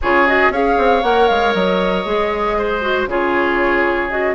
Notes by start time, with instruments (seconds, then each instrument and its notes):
0.01 bassoon C#3, clarinet F4, oboe G#4, flute C#5
0.26 clarinet F#4, flute D#5
0.49 bassoon C#4, clarinet G#4, oboe C#5, flute F5
0.78 bassoon C4
1.02 bassoon A#3, clarinet A#4, flute F#5
1.27 bassoon G#3, flute F5
1.53 bassoon F#3, flute D#5
2.05 bassoon G#3, clarinet G#4
2.58 oboe C5
2.81 clarinet F#4
3.06 bassoon C#3, clarinet F4, oboe G#4, flute C#5
4.10 clarinet F#4, flute D#5